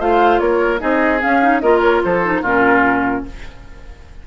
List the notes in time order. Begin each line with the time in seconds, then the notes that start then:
0.00 A3 F4 C5 F5
0.39 A#3 A#4 C#5
0.79 C4 D#4 G#4 D#5
1.20 C#4 F5
1.42 D#4
1.61 A#3 F4 A#4 D#5
1.81 C#5
2.04 F3 A4 C5
2.23 D#4
2.42 A#2 C#4 F4 A#4